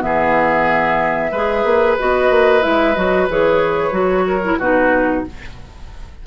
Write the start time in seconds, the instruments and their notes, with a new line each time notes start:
0.00 bassoon E3, clarinet B3, oboe G#4, flute E5
1.31 bassoon G#3, clarinet G#4, oboe B4
1.63 bassoon A#3
1.98 bassoon B3, clarinet F#4, flute D#5
2.30 bassoon A#3
2.61 bassoon G#3, clarinet E4, flute E5
2.94 bassoon F#3, clarinet F#4, flute D#5
3.28 bassoon E3, clarinet G#4, flute C#5
3.91 bassoon F#3, clarinet F#4
4.27 oboe A#4
4.45 clarinet E4
4.58 bassoon B2, clarinet D#4, oboe F#4, flute B4